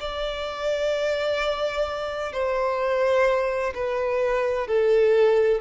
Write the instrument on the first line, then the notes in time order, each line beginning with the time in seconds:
violin
0.00 D5
2.33 C5
3.75 B4
4.67 A4